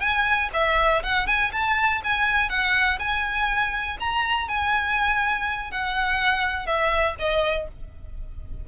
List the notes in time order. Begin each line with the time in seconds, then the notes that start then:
0.00 G#5
0.53 E5
1.03 F#5
1.27 G#5
1.52 A5
2.03 G#5
2.49 F#5
2.99 G#5
3.99 A#5
4.48 G#5
5.70 F#5
6.66 E5
7.18 D#5